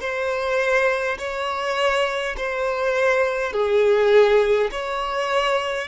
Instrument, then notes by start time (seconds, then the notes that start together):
violin
0.00 C5
1.18 C#5
2.37 C5
3.52 G#4
4.71 C#5